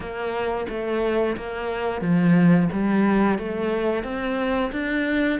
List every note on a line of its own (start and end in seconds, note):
0.00 0.66 A#3
0.68 1.36 A3
1.36 2.01 A#3
2.01 2.68 F3
2.72 3.38 G3
3.38 4.03 A3
4.03 4.71 C4
4.72 5.39 D4